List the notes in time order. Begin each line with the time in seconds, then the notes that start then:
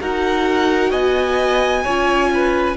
0.00 D#4 F#4 A#4 F#5
0.91 B3 D#5 G#5
1.83 C#4 F4 C#5
2.34 B4